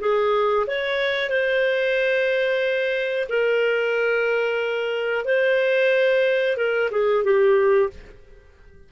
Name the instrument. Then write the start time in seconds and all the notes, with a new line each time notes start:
clarinet
0.00 G#4
0.67 C#5
1.30 C5
3.29 A#4
5.25 C5
6.57 A#4
6.91 G#4
7.24 G4